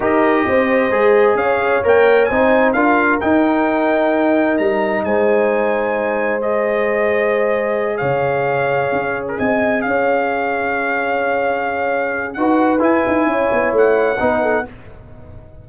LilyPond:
<<
  \new Staff \with { instrumentName = "trumpet" } { \time 4/4 \tempo 4 = 131 dis''2. f''4 | g''4 gis''4 f''4 g''4~ | g''2 ais''4 gis''4~ | gis''2 dis''2~ |
dis''4. f''2~ f''8~ | f''16 ais'16 gis''4 f''2~ f''8~ | f''2. fis''4 | gis''2 fis''2 | }
  \new Staff \with { instrumentName = "horn" } { \time 4/4 ais'4 c''2 cis''4~ | cis''4 c''4 ais'2~ | ais'2. c''4~ | c''1~ |
c''4. cis''2~ cis''8~ | cis''8 dis''4 cis''2~ cis''8~ | cis''2. b'4~ | b'4 cis''2 b'8 a'8 | }
  \new Staff \with { instrumentName = "trombone" } { \time 4/4 g'2 gis'2 | ais'4 dis'4 f'4 dis'4~ | dis'1~ | dis'2 gis'2~ |
gis'1~ | gis'1~ | gis'2. fis'4 | e'2. dis'4 | }
  \new Staff \with { instrumentName = "tuba" } { \time 4/4 dis'4 c'4 gis4 cis'4 | ais4 c'4 d'4 dis'4~ | dis'2 g4 gis4~ | gis1~ |
gis4. cis2 cis'8~ | cis'8 c'4 cis'2~ cis'8~ | cis'2. dis'4 | e'8 dis'8 cis'8 b8 a4 b4 | }
>>